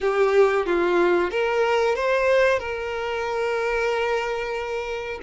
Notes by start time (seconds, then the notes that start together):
0.00 G4
0.66 F4
1.30 A#4
1.95 C5
2.59 A#4